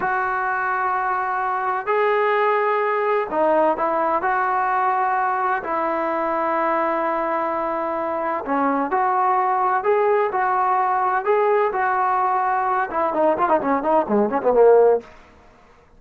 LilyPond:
\new Staff \with { instrumentName = "trombone" } { \time 4/4 \tempo 4 = 128 fis'1 | gis'2. dis'4 | e'4 fis'2. | e'1~ |
e'2 cis'4 fis'4~ | fis'4 gis'4 fis'2 | gis'4 fis'2~ fis'8 e'8 | dis'8 f'16 dis'16 cis'8 dis'8 gis8 cis'16 b16 ais4 | }